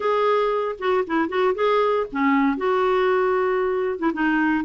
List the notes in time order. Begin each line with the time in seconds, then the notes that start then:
0.00 G#4
0.78 F#4
1.07 E4
1.28 F#4
1.54 G#4
2.12 C#4
2.57 F#4
3.99 E4
4.13 D#4